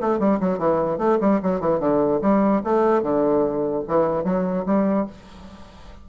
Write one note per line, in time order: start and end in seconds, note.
0.00 0.19 A3
0.19 0.39 G3
0.40 0.58 F#3
0.58 0.98 E3
0.98 1.18 A3
1.20 1.40 G3
1.42 1.60 F#3
1.60 1.79 E3
1.79 2.20 D3
2.21 2.62 G3
2.64 3.02 A3
3.02 3.83 D3
3.87 4.24 E3
4.24 4.65 F#3
4.66 5.06 G3